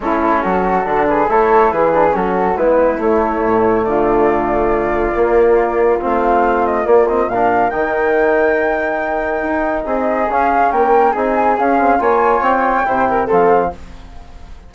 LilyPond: <<
  \new Staff \with { instrumentName = "flute" } { \time 4/4 \tempo 4 = 140 a'2~ a'8 b'8 cis''4 | b'4 a'4 b'4 cis''4~ | cis''4 d''2.~ | d''2 f''4. dis''8 |
d''8 dis''8 f''4 g''2~ | g''2. dis''4 | f''4 g''4 gis''4 f''4 | gis''4 g''2 f''4 | }
  \new Staff \with { instrumentName = "flute" } { \time 4/4 e'4 fis'4. gis'8 a'4 | gis'4 fis'4 e'2~ | e'4 f'2.~ | f'1~ |
f'4 ais'2.~ | ais'2. gis'4~ | gis'4 ais'4 gis'2 | cis''2 c''8 ais'8 a'4 | }
  \new Staff \with { instrumentName = "trombone" } { \time 4/4 cis'2 d'4 e'4~ | e'8 d'8 cis'4 b4 a4~ | a1 | ais2 c'2 |
ais8 c'8 d'4 dis'2~ | dis'1 | cis'2 dis'4 cis'8 c'8 | f'2 e'4 c'4 | }
  \new Staff \with { instrumentName = "bassoon" } { \time 4/4 a4 fis4 d4 a4 | e4 fis4 gis4 a4 | a,4 d2. | ais2 a2 |
ais4 ais,4 dis2~ | dis2 dis'4 c'4 | cis'4 ais4 c'4 cis'4 | ais4 c'4 c4 f4 | }
>>